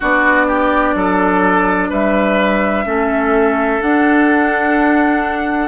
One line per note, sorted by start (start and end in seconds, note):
0.00 0.94 B3
0.00 2.85 D4
0.00 0.46 F#4
0.00 1.92 D5
0.47 0.94 G4
0.94 1.90 F#3
0.94 1.89 A4
1.89 2.85 G3
1.89 2.85 B4
1.89 3.81 E5
2.85 3.80 A3
2.85 3.80 C#4
2.85 5.67 A4
3.80 5.67 D4
3.80 5.67 F#5